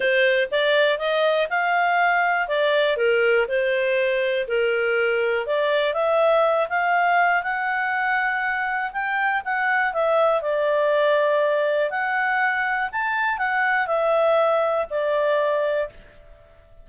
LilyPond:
\new Staff \with { instrumentName = "clarinet" } { \time 4/4 \tempo 4 = 121 c''4 d''4 dis''4 f''4~ | f''4 d''4 ais'4 c''4~ | c''4 ais'2 d''4 | e''4. f''4. fis''4~ |
fis''2 g''4 fis''4 | e''4 d''2. | fis''2 a''4 fis''4 | e''2 d''2 | }